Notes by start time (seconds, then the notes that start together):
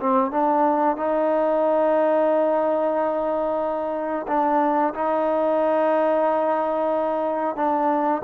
0.00 C4
0.31 D4
0.97 D#4
4.28 D4
4.94 D#4
7.56 D4